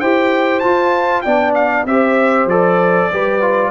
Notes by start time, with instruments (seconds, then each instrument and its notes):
0.00 tuba E4, trombone G4, horn C5, trumpet G5
0.60 trombone F4, tuba F4, trumpet A5
1.22 tuba B3, trombone D4, horn D5, trumpet G5
1.55 trumpet F5
1.86 tuba C4, trombone G4, horn C5, trumpet E5
2.46 tuba F3, trombone A4, trumpet D5
3.12 tuba G3, trombone G4, horn B4
3.41 trombone F4